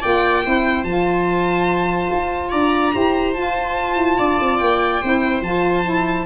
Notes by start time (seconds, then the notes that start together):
0.00 A#3 F4 D5 G5
0.43 C4 E4 C5
0.83 F3 F4 A5
2.11 F4
2.50 D4 D5 A#5
2.92 E4 G4 C5
3.33 F4 A5
3.96 E4
4.18 D4 D5
4.40 C4
4.58 A#3 G5
5.01 C4 E4 C5
5.41 F3 F4 A5
5.84 E4